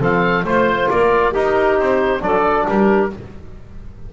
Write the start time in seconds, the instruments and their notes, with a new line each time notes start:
0.00 double bass F3, trombone C4, clarinet A4, oboe F5
0.44 double bass A3, trombone F4, oboe C5, clarinet C5
0.90 double bass A#3, clarinet A#4, oboe D5
1.32 trombone D#4, double bass D#4, clarinet G4, oboe A#4
1.79 double bass C4, oboe C5
2.20 double bass F#3, trombone D4, clarinet A4, oboe D5
2.66 double bass G3, clarinet G4, oboe A#4